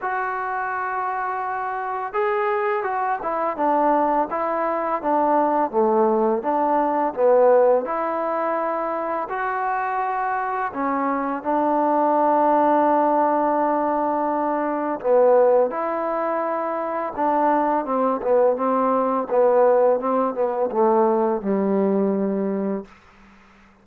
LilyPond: \new Staff \with { instrumentName = "trombone" } { \time 4/4 \tempo 4 = 84 fis'2. gis'4 | fis'8 e'8 d'4 e'4 d'4 | a4 d'4 b4 e'4~ | e'4 fis'2 cis'4 |
d'1~ | d'4 b4 e'2 | d'4 c'8 b8 c'4 b4 | c'8 b8 a4 g2 | }